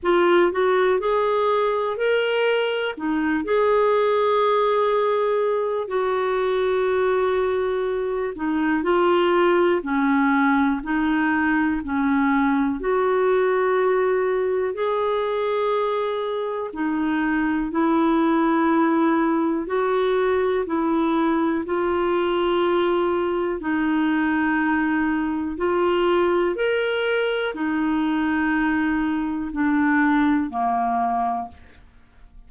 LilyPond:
\new Staff \with { instrumentName = "clarinet" } { \time 4/4 \tempo 4 = 61 f'8 fis'8 gis'4 ais'4 dis'8 gis'8~ | gis'2 fis'2~ | fis'8 dis'8 f'4 cis'4 dis'4 | cis'4 fis'2 gis'4~ |
gis'4 dis'4 e'2 | fis'4 e'4 f'2 | dis'2 f'4 ais'4 | dis'2 d'4 ais4 | }